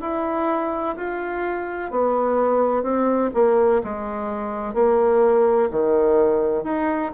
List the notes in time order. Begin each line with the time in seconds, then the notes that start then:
0.00 E4
0.96 F4
1.90 B3
2.82 C4
3.34 A#3
3.83 G#3
4.74 A#3
5.71 D#3
6.63 D#4